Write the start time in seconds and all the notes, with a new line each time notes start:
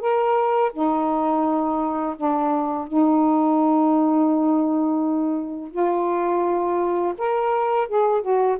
0.00 A#4
0.73 D#4
2.17 D4
2.88 D#4
5.71 F4
7.18 A#4
7.88 G#4
8.22 F#4